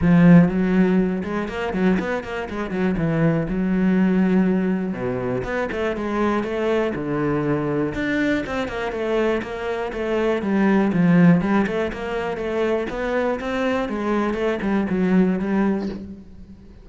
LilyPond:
\new Staff \with { instrumentName = "cello" } { \time 4/4 \tempo 4 = 121 f4 fis4. gis8 ais8 fis8 | b8 ais8 gis8 fis8 e4 fis4~ | fis2 b,4 b8 a8 | gis4 a4 d2 |
d'4 c'8 ais8 a4 ais4 | a4 g4 f4 g8 a8 | ais4 a4 b4 c'4 | gis4 a8 g8 fis4 g4 | }